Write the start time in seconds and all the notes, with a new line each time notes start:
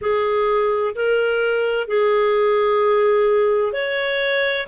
0.01 G#4
0.95 A#4
1.87 G#4
3.72 C#5